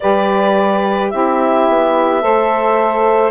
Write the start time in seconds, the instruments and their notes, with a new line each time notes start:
0.00 bassoon G3, saxophone G4 B4, clarinet D5
1.10 bassoon C4, saxophone E4 G4, clarinet E5
1.68 bassoon B3
2.20 bassoon A3, saxophone A4 C5